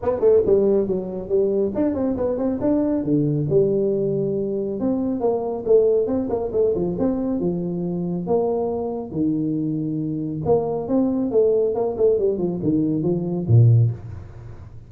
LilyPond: \new Staff \with { instrumentName = "tuba" } { \time 4/4 \tempo 4 = 138 b8 a8 g4 fis4 g4 | d'8 c'8 b8 c'8 d'4 d4 | g2. c'4 | ais4 a4 c'8 ais8 a8 f8 |
c'4 f2 ais4~ | ais4 dis2. | ais4 c'4 a4 ais8 a8 | g8 f8 dis4 f4 ais,4 | }